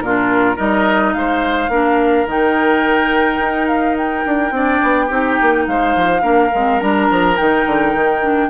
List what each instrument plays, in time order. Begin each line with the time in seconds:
0.00 bassoon A#2, clarinet D4, oboe F4, flute A#4
0.56 bassoon G3, clarinet D#4, oboe A#4, flute D#5
1.13 bassoon G#3, oboe C5, flute F5
1.68 bassoon A#3, clarinet D4, oboe A#4
2.25 bassoon D#3, clarinet D#4, flute G5
3.38 bassoon D#4
3.67 flute F5
3.97 flute G5
4.26 bassoon D4
4.50 bassoon C4, clarinet D4, oboe D5
4.82 bassoon B3
5.06 bassoon C4, clarinet D#4, oboe G4
5.41 bassoon A#3
5.67 bassoon G#3, oboe C5, flute F5
5.96 bassoon F3
6.21 bassoon A#3, clarinet D4, oboe A#4
6.54 bassoon G#3, clarinet C4
6.80 bassoon G3, clarinet D4, flute A#5
7.10 bassoon F3
7.37 bassoon D#3, clarinet D#4, flute G5
7.65 bassoon D3
7.94 bassoon D#3
8.21 clarinet D4